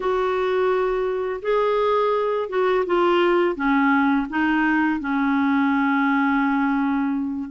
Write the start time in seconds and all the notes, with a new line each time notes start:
0.00 F#4
1.42 G#4
2.49 F#4
2.86 F4
3.55 C#4
4.29 D#4
5.00 C#4